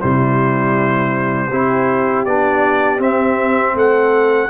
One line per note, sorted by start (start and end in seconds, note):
0.00 1.51 C3
0.00 1.51 G3
0.00 1.49 E4
0.00 2.25 C5
1.49 2.25 C4
1.49 2.27 E4
1.49 3.74 G4
2.25 2.99 B3
2.25 2.99 D4
2.25 3.00 D5
2.99 3.74 C4
2.99 4.49 C4
2.99 3.77 E5
3.75 4.50 A3
3.75 4.50 A4
3.75 4.50 F#5